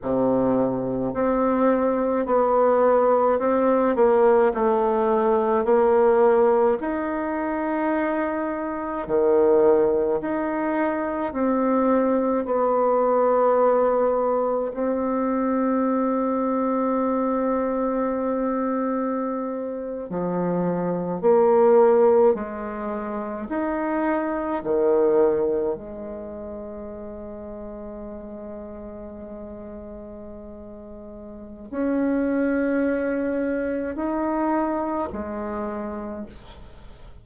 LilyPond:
\new Staff \with { instrumentName = "bassoon" } { \time 4/4 \tempo 4 = 53 c4 c'4 b4 c'8 ais8 | a4 ais4 dis'2 | dis4 dis'4 c'4 b4~ | b4 c'2.~ |
c'4.~ c'16 f4 ais4 gis16~ | gis8. dis'4 dis4 gis4~ gis16~ | gis1 | cis'2 dis'4 gis4 | }